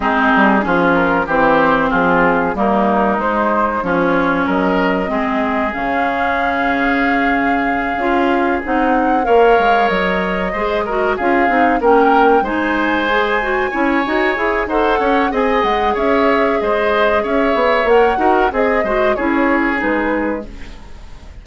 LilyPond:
<<
  \new Staff \with { instrumentName = "flute" } { \time 4/4 \tempo 4 = 94 gis'4. ais'8 c''4 gis'4 | ais'4 c''4 cis''4 dis''4~ | dis''4 f''2.~ | f''4. fis''4 f''4 dis''8~ |
dis''4. f''4 g''4 gis''8~ | gis''2. fis''4 | gis''8 fis''8 e''4 dis''4 e''4 | fis''4 dis''4 cis''4 b'4 | }
  \new Staff \with { instrumentName = "oboe" } { \time 4/4 dis'4 f'4 g'4 f'4 | dis'2 f'4 ais'4 | gis'1~ | gis'2~ gis'8 cis''4.~ |
cis''8 c''8 ais'8 gis'4 ais'4 c''8~ | c''4. cis''4. c''8 cis''8 | dis''4 cis''4 c''4 cis''4~ | cis''8 ais'8 gis'8 c''8 gis'2 | }
  \new Staff \with { instrumentName = "clarinet" } { \time 4/4 c'4 cis'4 c'2 | ais4 gis4 cis'2 | c'4 cis'2.~ | cis'8 f'4 dis'4 ais'4.~ |
ais'8 gis'8 fis'8 f'8 dis'8 cis'4 dis'8~ | dis'8 gis'8 fis'8 e'8 fis'8 gis'8 a'4 | gis'1 | ais'8 fis'8 gis'8 fis'8 e'4 dis'4 | }
  \new Staff \with { instrumentName = "bassoon" } { \time 4/4 gis8 g8 f4 e4 f4 | g4 gis4 f4 fis4 | gis4 cis2.~ | cis8 cis'4 c'4 ais8 gis8 fis8~ |
fis8 gis4 cis'8 c'8 ais4 gis8~ | gis4. cis'8 dis'8 e'8 dis'8 cis'8 | c'8 gis8 cis'4 gis4 cis'8 b8 | ais8 dis'8 c'8 gis8 cis'4 gis4 | }
>>